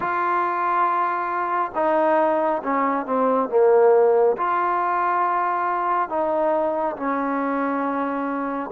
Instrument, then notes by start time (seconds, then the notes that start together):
trombone
0.00 F4
1.74 D#4
2.63 C#4
3.06 C4
3.49 A#3
4.37 F4
6.09 D#4
6.96 C#4